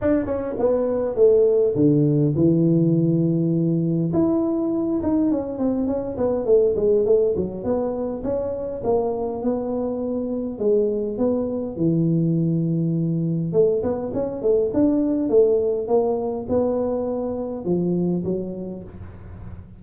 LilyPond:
\new Staff \with { instrumentName = "tuba" } { \time 4/4 \tempo 4 = 102 d'8 cis'8 b4 a4 d4 | e2. e'4~ | e'8 dis'8 cis'8 c'8 cis'8 b8 a8 gis8 | a8 fis8 b4 cis'4 ais4 |
b2 gis4 b4 | e2. a8 b8 | cis'8 a8 d'4 a4 ais4 | b2 f4 fis4 | }